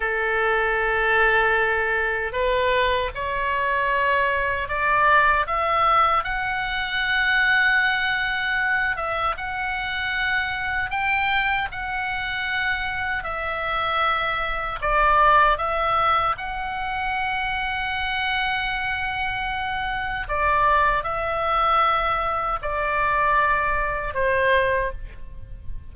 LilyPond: \new Staff \with { instrumentName = "oboe" } { \time 4/4 \tempo 4 = 77 a'2. b'4 | cis''2 d''4 e''4 | fis''2.~ fis''8 e''8 | fis''2 g''4 fis''4~ |
fis''4 e''2 d''4 | e''4 fis''2.~ | fis''2 d''4 e''4~ | e''4 d''2 c''4 | }